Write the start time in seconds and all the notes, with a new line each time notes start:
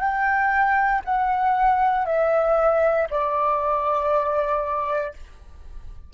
0.00 G5
1.05 F#5
2.06 E5
3.10 D5